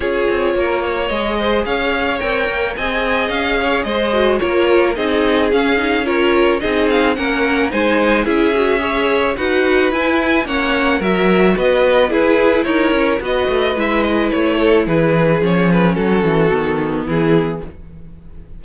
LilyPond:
<<
  \new Staff \with { instrumentName = "violin" } { \time 4/4 \tempo 4 = 109 cis''2 dis''4 f''4 | g''4 gis''4 f''4 dis''4 | cis''4 dis''4 f''4 cis''4 | dis''8 f''8 fis''4 gis''4 e''4~ |
e''4 fis''4 gis''4 fis''4 | e''4 dis''4 b'4 cis''4 | dis''4 e''8 dis''8 cis''4 b'4 | cis''8 b'8 a'2 gis'4 | }
  \new Staff \with { instrumentName = "violin" } { \time 4/4 gis'4 ais'8 cis''4 c''8 cis''4~ | cis''4 dis''4. cis''8 c''4 | ais'4 gis'2 ais'4 | gis'4 ais'4 c''4 gis'4 |
cis''4 b'2 cis''4 | ais'4 b'4 gis'4 ais'4 | b'2~ b'8 a'8 gis'4~ | gis'4 fis'2 e'4 | }
  \new Staff \with { instrumentName = "viola" } { \time 4/4 f'2 gis'2 | ais'4 gis'2~ gis'8 fis'8 | f'4 dis'4 cis'8 dis'8 f'4 | dis'4 cis'4 dis'4 e'8 fis'8 |
gis'4 fis'4 e'4 cis'4 | fis'2 e'2 | fis'4 e'2. | cis'2 b2 | }
  \new Staff \with { instrumentName = "cello" } { \time 4/4 cis'8 c'8 ais4 gis4 cis'4 | c'8 ais8 c'4 cis'4 gis4 | ais4 c'4 cis'2 | c'4 ais4 gis4 cis'4~ |
cis'4 dis'4 e'4 ais4 | fis4 b4 e'4 dis'8 cis'8 | b8 a8 gis4 a4 e4 | f4 fis8 e8 dis4 e4 | }
>>